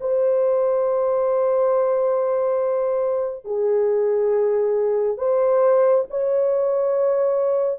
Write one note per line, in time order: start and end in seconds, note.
0.00 3.45 C5
3.45 5.17 G#4
5.17 6.04 C5
6.09 7.79 C#5